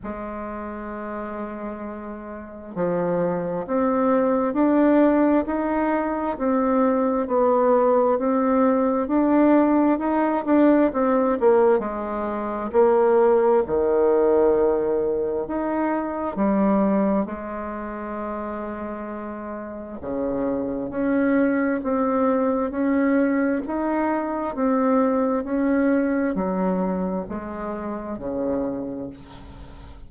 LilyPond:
\new Staff \with { instrumentName = "bassoon" } { \time 4/4 \tempo 4 = 66 gis2. f4 | c'4 d'4 dis'4 c'4 | b4 c'4 d'4 dis'8 d'8 | c'8 ais8 gis4 ais4 dis4~ |
dis4 dis'4 g4 gis4~ | gis2 cis4 cis'4 | c'4 cis'4 dis'4 c'4 | cis'4 fis4 gis4 cis4 | }